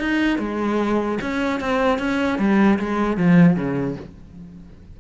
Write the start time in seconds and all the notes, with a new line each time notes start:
0.00 D#4
0.39 G#3
1.22 C#4
1.61 C4
1.99 C#4
2.39 G3
2.79 G#3
3.17 F3
3.57 C#3